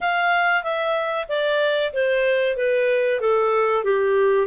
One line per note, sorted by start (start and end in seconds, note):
0.00 0.63 F5
0.63 1.26 E5
1.28 1.92 D5
1.93 2.56 C5
2.56 3.20 B4
3.20 3.84 A4
3.84 4.47 G4